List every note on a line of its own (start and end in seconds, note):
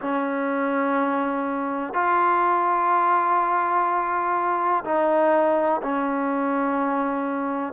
0.01 1.93 C#4
1.93 4.83 F4
4.84 5.81 D#4
5.82 7.73 C#4